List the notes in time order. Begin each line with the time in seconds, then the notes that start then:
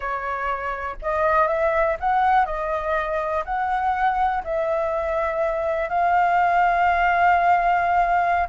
0.00 C#5
1.01 D#5
1.47 E5
1.99 F#5
2.45 D#5
3.44 F#5
4.44 E5
5.89 F5